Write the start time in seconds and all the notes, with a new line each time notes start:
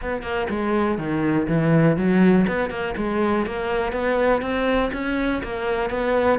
0.01 B3
0.22 A#3
0.49 G#3
0.98 D#3
1.48 E3
1.96 F#3
2.47 B3
2.70 A#3
2.96 G#3
3.46 A#3
3.92 B3
4.42 C4
4.92 C#4
5.43 A#3
5.89 B3